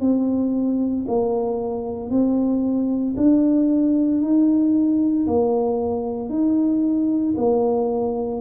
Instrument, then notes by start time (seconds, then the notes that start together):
tuba
0.00 C4
1.07 A#3
2.10 C4
3.16 D4
4.21 D#4
5.26 A#3
6.29 D#4
7.37 A#3